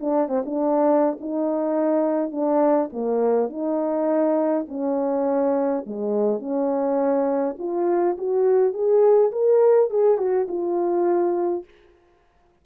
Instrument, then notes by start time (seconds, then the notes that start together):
horn
0.00 D4
0.28 C4
0.45 D4
1.20 D#4
2.31 D4
2.92 A#3
3.49 D#4
4.68 C#4
5.86 G#3
6.39 C#4
7.58 F4
8.17 F#4
8.73 G#4
9.32 A#4
9.90 G#4
10.17 F#4
10.48 F4